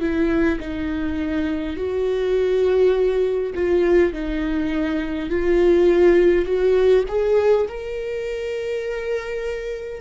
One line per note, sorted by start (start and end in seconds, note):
0.00 0.59 E4
0.60 1.76 D#4
1.76 3.53 F#4
3.55 4.13 F4
4.13 5.30 D#4
5.30 6.45 F4
6.45 7.04 F#4
7.08 7.67 G#4
7.68 10.01 A#4